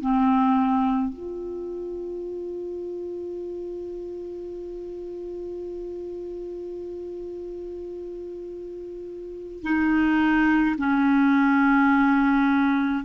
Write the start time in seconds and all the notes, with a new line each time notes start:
0.00 C4
1.13 F4
9.62 D#4
10.78 C#4